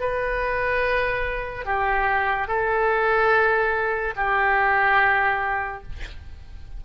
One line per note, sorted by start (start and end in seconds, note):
0.00 1.65 B4
1.65 2.47 G4
2.47 4.14 A4
4.16 5.83 G4